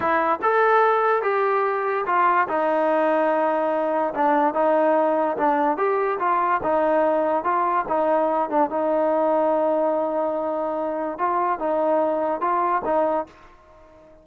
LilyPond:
\new Staff \with { instrumentName = "trombone" } { \time 4/4 \tempo 4 = 145 e'4 a'2 g'4~ | g'4 f'4 dis'2~ | dis'2 d'4 dis'4~ | dis'4 d'4 g'4 f'4 |
dis'2 f'4 dis'4~ | dis'8 d'8 dis'2.~ | dis'2. f'4 | dis'2 f'4 dis'4 | }